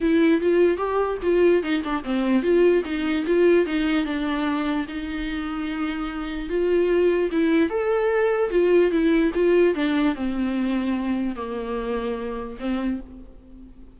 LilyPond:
\new Staff \with { instrumentName = "viola" } { \time 4/4 \tempo 4 = 148 e'4 f'4 g'4 f'4 | dis'8 d'8 c'4 f'4 dis'4 | f'4 dis'4 d'2 | dis'1 |
f'2 e'4 a'4~ | a'4 f'4 e'4 f'4 | d'4 c'2. | ais2. c'4 | }